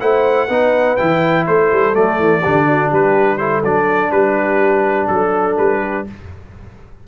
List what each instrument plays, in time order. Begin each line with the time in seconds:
0.00 tuba A3, trombone E4, horn C5, trumpet F#5
0.47 tuba B3, trombone D#4, horn B4
0.97 tuba E3, trombone E4, trumpet G5
1.47 tuba A3, horn A4, trumpet C5
1.72 tuba G3
1.94 tuba F#3, trombone A3, trumpet D5
2.19 tuba E3
2.41 tuba D3, trombone D4, horn G4
2.65 horn F#4
2.89 tuba G3, horn G4, trumpet B4
3.37 trombone E4, horn A4, trumpet C5
3.64 tuba F#3, trombone D4, trumpet D5
4.11 tuba G3, horn G4, trumpet B4
5.07 tuba F#3, trumpet A4, horn A4
5.58 tuba G3, trumpet B4
5.81 horn G4